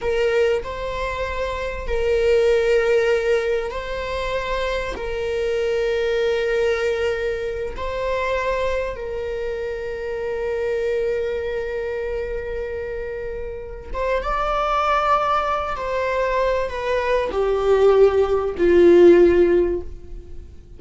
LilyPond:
\new Staff \with { instrumentName = "viola" } { \time 4/4 \tempo 4 = 97 ais'4 c''2 ais'4~ | ais'2 c''2 | ais'1~ | ais'8 c''2 ais'4.~ |
ais'1~ | ais'2~ ais'8 c''8 d''4~ | d''4. c''4. b'4 | g'2 f'2 | }